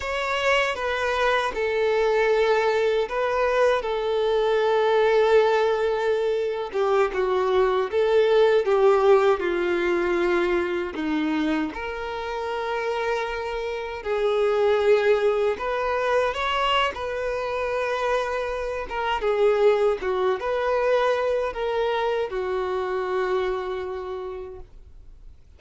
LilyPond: \new Staff \with { instrumentName = "violin" } { \time 4/4 \tempo 4 = 78 cis''4 b'4 a'2 | b'4 a'2.~ | a'8. g'8 fis'4 a'4 g'8.~ | g'16 f'2 dis'4 ais'8.~ |
ais'2~ ais'16 gis'4.~ gis'16~ | gis'16 b'4 cis''8. b'2~ | b'8 ais'8 gis'4 fis'8 b'4. | ais'4 fis'2. | }